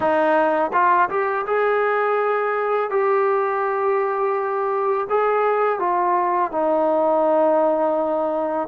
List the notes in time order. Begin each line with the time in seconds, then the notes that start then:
0.00 D#4
0.73 F4
1.09 G4
1.46 G#4
2.90 G4
5.09 G#4
5.79 F4
6.51 D#4